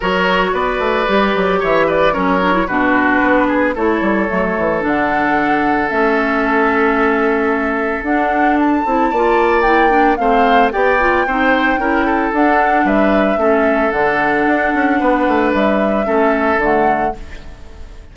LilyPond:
<<
  \new Staff \with { instrumentName = "flute" } { \time 4/4 \tempo 4 = 112 cis''4 d''2 e''8 d''8 | cis''4 b'2 cis''4~ | cis''4 fis''2 e''4~ | e''2. fis''4 |
a''2 g''4 f''4 | g''2. fis''4 | e''2 fis''2~ | fis''4 e''2 fis''4 | }
  \new Staff \with { instrumentName = "oboe" } { \time 4/4 ais'4 b'2 cis''8 b'8 | ais'4 fis'4. gis'8 a'4~ | a'1~ | a'1~ |
a'4 d''2 c''4 | d''4 c''4 ais'8 a'4. | b'4 a'2. | b'2 a'2 | }
  \new Staff \with { instrumentName = "clarinet" } { \time 4/4 fis'2 g'2 | cis'8 d'16 e'16 d'2 e'4 | a4 d'2 cis'4~ | cis'2. d'4~ |
d'8 e'8 f'4 e'8 d'8 c'4 | g'8 f'8 dis'4 e'4 d'4~ | d'4 cis'4 d'2~ | d'2 cis'4 a4 | }
  \new Staff \with { instrumentName = "bassoon" } { \time 4/4 fis4 b8 a8 g8 fis8 e4 | fis4 b,4 b4 a8 g8 | fis8 e8 d2 a4~ | a2. d'4~ |
d'8 c'8 ais2 a4 | b4 c'4 cis'4 d'4 | g4 a4 d4 d'8 cis'8 | b8 a8 g4 a4 d4 | }
>>